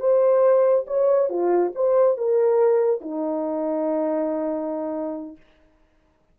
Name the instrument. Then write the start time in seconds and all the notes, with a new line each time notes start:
horn
0.00 C5
0.87 C#5
1.29 F4
1.75 C5
2.18 A#4
3.01 D#4